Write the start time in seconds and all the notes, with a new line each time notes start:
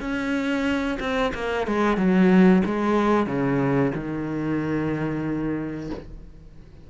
0.00 C#4
1.00 C4
1.34 A#3
1.67 G#3
1.97 F#3
2.65 G#3
3.26 C#3
3.95 D#3